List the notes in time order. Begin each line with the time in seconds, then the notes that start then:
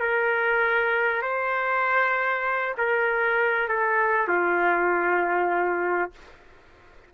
0.00 A#4
1.22 C5
2.78 A#4
3.69 A4
4.28 F4